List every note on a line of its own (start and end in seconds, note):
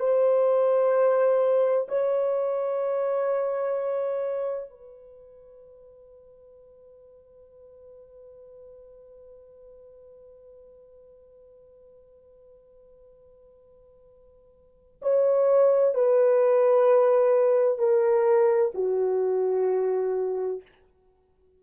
0.00 1.87 C5
1.89 4.70 C#5
4.70 15.01 B4
15.02 15.94 C#5
15.94 17.78 B4
17.78 18.72 A#4
18.75 20.62 F#4